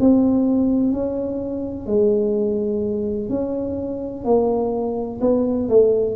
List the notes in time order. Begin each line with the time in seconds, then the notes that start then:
0.00 C4
0.93 C#4
1.87 G#3
3.29 C#4
4.25 A#3
5.21 B3
5.69 A3